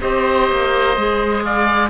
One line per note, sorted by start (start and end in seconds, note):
0.00 0.50 C4
0.00 0.95 G4
0.00 1.43 C5
0.00 1.43 D#5
0.50 0.97 A#3
0.96 1.89 G#3
0.96 1.89 G#4
1.44 1.89 D5
1.44 1.89 F5